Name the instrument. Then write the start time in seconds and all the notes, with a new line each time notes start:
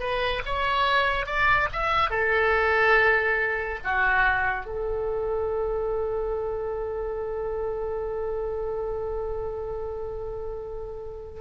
oboe
0.00 B4
0.46 C#5
1.26 D5
1.72 E5
2.10 A4
3.84 F#4
4.66 A4